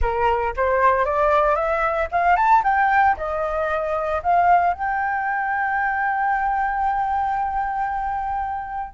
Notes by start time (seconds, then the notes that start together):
0.01 A#4
0.56 C5
1.05 D5
1.55 E5
2.11 F5
2.36 A5
2.63 G5
3.17 D#5
4.22 F5
4.73 G5